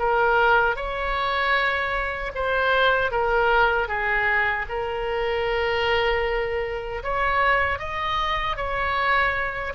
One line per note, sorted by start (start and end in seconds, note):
0.00 0.77 A#4
0.77 2.32 C#5
2.35 3.12 C5
3.12 3.88 A#4
3.88 4.66 G#4
4.69 7.03 A#4
7.03 7.79 C#5
7.79 8.57 D#5
8.57 9.74 C#5